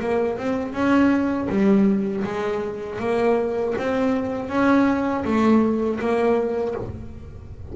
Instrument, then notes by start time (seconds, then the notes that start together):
double bass
0.00 A#3
0.38 C4
0.73 C#4
1.48 G3
2.24 G#3
2.99 A#3
3.78 C4
4.49 C#4
5.24 A3
5.99 A#3